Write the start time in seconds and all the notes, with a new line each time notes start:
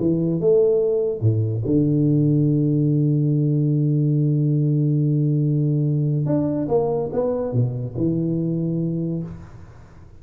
0.00 E3
0.41 A3
1.21 A2
1.66 D3
6.26 D4
6.68 A#3
7.13 B3
7.53 B2
7.97 E3